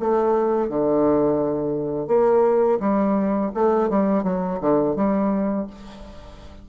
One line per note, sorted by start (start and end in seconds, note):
0.00 0.69 A3
0.69 2.08 D3
2.08 2.79 A#3
2.80 3.51 G3
3.54 3.90 A3
3.90 4.23 G3
4.23 4.59 F#3
4.61 4.96 D3
4.96 5.67 G3